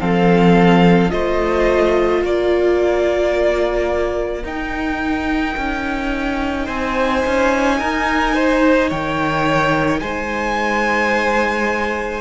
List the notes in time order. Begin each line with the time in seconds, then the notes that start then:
0.00 F3 C4 A4 F5
1.10 A3 F4 C5 D#5
2.23 A#3 A#4 D5
4.44 D#4 G5
5.57 C#4
6.66 C4 C5 G#5
7.26 C#4
7.79 D#4 A#4
8.35 C5
8.89 D#3 C#5 G5
10.00 G#3 C5 G#5